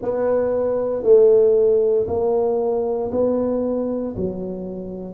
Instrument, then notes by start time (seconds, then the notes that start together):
tuba
0.02 B3
1.03 A3
2.07 A#3
3.11 B3
4.16 F#3